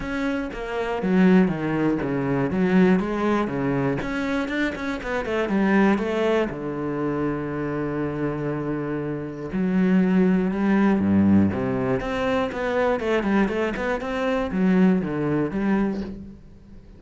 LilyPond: \new Staff \with { instrumentName = "cello" } { \time 4/4 \tempo 4 = 120 cis'4 ais4 fis4 dis4 | cis4 fis4 gis4 cis4 | cis'4 d'8 cis'8 b8 a8 g4 | a4 d2.~ |
d2. fis4~ | fis4 g4 g,4 c4 | c'4 b4 a8 g8 a8 b8 | c'4 fis4 d4 g4 | }